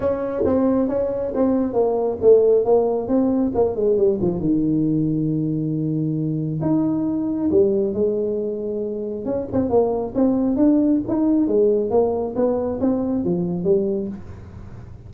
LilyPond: \new Staff \with { instrumentName = "tuba" } { \time 4/4 \tempo 4 = 136 cis'4 c'4 cis'4 c'4 | ais4 a4 ais4 c'4 | ais8 gis8 g8 f8 dis2~ | dis2. dis'4~ |
dis'4 g4 gis2~ | gis4 cis'8 c'8 ais4 c'4 | d'4 dis'4 gis4 ais4 | b4 c'4 f4 g4 | }